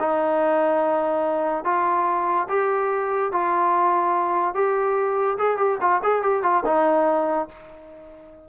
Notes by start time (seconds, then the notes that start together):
0.00 D#4
1.65 F4
2.49 G4
3.33 F4
4.55 G4
5.38 G#4
5.58 G4
5.81 F4
6.04 G#4
6.23 G4
6.43 F4
6.66 D#4